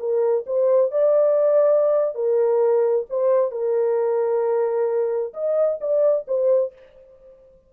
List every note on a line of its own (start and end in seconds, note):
0.00 0.45 A#4
0.47 0.92 C5
0.92 2.15 D5
2.15 3.06 A#4
3.10 3.52 C5
3.52 5.34 A#4
5.34 5.80 D#5
5.81 6.27 D5
6.28 6.74 C5